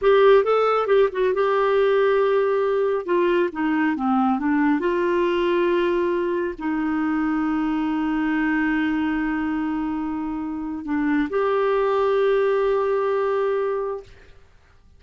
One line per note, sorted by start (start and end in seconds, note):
0.01 0.44 G4
0.44 0.87 A4
0.87 1.08 G4
1.12 1.34 F#4
1.34 3.05 G4
3.05 3.49 F4
3.52 3.95 D#4
3.95 4.39 C4
4.39 4.79 D4
4.79 6.54 F4
6.58 10.85 D#4
10.85 11.28 D4
11.29 14.03 G4